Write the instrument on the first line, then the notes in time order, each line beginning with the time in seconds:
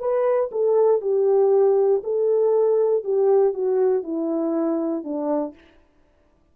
horn
0.00 B4
0.52 A4
1.01 G4
2.04 A4
3.04 G4
3.54 F#4
4.03 E4
5.04 D4